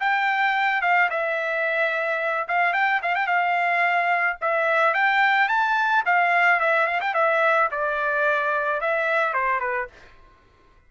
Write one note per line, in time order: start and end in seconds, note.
0.00 0.82 G5
0.82 1.09 F5
1.10 2.48 E5
2.48 2.73 F5
2.73 3.01 G5
3.02 3.15 F5
3.15 3.27 G5
3.27 4.37 F5
4.41 4.94 E5
4.94 5.48 G5
5.48 6.04 A5
6.06 6.60 F5
6.60 6.87 E5
6.87 7.01 F5
7.01 7.14 G5
7.14 7.69 E5
7.71 8.81 D5
8.81 9.34 E5
9.34 9.60 C5
9.60 9.88 B4